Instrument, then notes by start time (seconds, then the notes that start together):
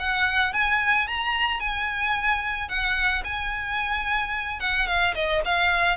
violin
0.00 F#5
0.53 G#5
1.08 A#5
1.60 G#5
2.69 F#5
3.25 G#5
4.60 F#5
4.87 F5
5.15 D#5
5.45 F5